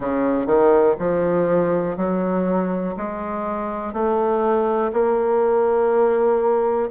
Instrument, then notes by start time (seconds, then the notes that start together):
bassoon
0.00 C#3
0.46 D#3
0.98 F3
1.96 F#3
2.96 G#3
3.93 A3
4.92 A#3